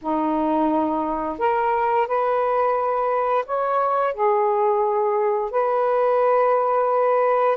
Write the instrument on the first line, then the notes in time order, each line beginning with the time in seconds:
saxophone
0.01 D#4
1.39 A#4
2.07 B4
3.45 C#5
4.13 G#4
5.50 B4